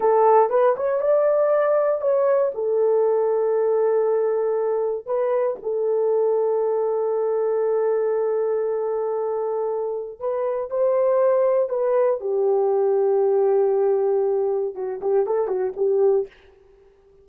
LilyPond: \new Staff \with { instrumentName = "horn" } { \time 4/4 \tempo 4 = 118 a'4 b'8 cis''8 d''2 | cis''4 a'2.~ | a'2 b'4 a'4~ | a'1~ |
a'1 | b'4 c''2 b'4 | g'1~ | g'4 fis'8 g'8 a'8 fis'8 g'4 | }